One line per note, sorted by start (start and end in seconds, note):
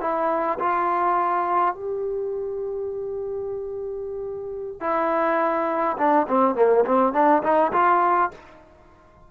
0.00 0.58 E4
0.59 1.74 F4
1.74 4.80 G4
4.80 5.97 E4
5.97 6.26 D4
6.28 6.55 C4
6.55 6.84 A#3
6.84 7.13 C4
7.13 7.42 D4
7.42 7.72 D#4
7.72 8.30 F4